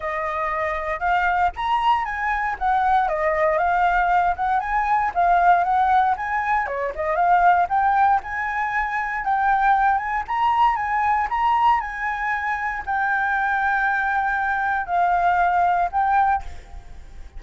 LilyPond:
\new Staff \with { instrumentName = "flute" } { \time 4/4 \tempo 4 = 117 dis''2 f''4 ais''4 | gis''4 fis''4 dis''4 f''4~ | f''8 fis''8 gis''4 f''4 fis''4 | gis''4 cis''8 dis''8 f''4 g''4 |
gis''2 g''4. gis''8 | ais''4 gis''4 ais''4 gis''4~ | gis''4 g''2.~ | g''4 f''2 g''4 | }